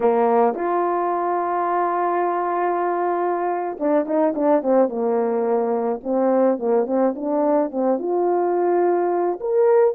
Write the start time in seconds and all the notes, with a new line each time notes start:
0.00 A#3
0.55 F4
3.79 D4
4.06 D#4
4.35 D4
4.62 C4
4.88 A#3
6.03 C4
6.59 A#3
6.86 C4
7.15 D4
7.71 C4
7.99 F4
9.40 A#4